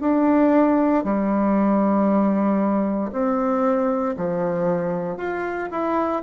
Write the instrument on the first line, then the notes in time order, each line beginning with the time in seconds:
bassoon
0.00 D4
1.04 G3
3.12 C4
4.16 F3
5.17 F4
5.71 E4